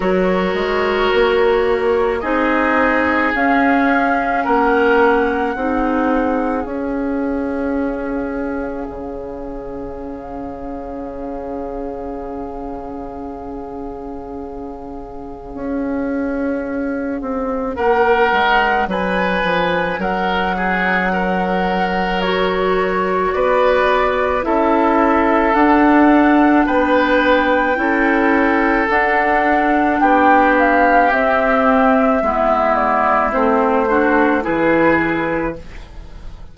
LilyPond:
<<
  \new Staff \with { instrumentName = "flute" } { \time 4/4 \tempo 4 = 54 cis''2 dis''4 f''4 | fis''2 f''2~ | f''1~ | f''1 |
fis''4 gis''4 fis''2 | cis''4 d''4 e''4 fis''4 | g''2 fis''4 g''8 f''8 | e''4. d''8 c''4 b'4 | }
  \new Staff \with { instrumentName = "oboe" } { \time 4/4 ais'2 gis'2 | ais'4 gis'2.~ | gis'1~ | gis'1 |
ais'4 b'4 ais'8 gis'8 ais'4~ | ais'4 b'4 a'2 | b'4 a'2 g'4~ | g'4 e'4. fis'8 gis'4 | }
  \new Staff \with { instrumentName = "clarinet" } { \time 4/4 fis'2 dis'4 cis'4~ | cis'4 dis'4 cis'2~ | cis'1~ | cis'1~ |
cis'1 | fis'2 e'4 d'4~ | d'4 e'4 d'2 | c'4 b4 c'8 d'8 e'4 | }
  \new Staff \with { instrumentName = "bassoon" } { \time 4/4 fis8 gis8 ais4 c'4 cis'4 | ais4 c'4 cis'2 | cis1~ | cis2 cis'4. c'8 |
ais8 gis8 fis8 f8 fis2~ | fis4 b4 cis'4 d'4 | b4 cis'4 d'4 b4 | c'4 gis4 a4 e4 | }
>>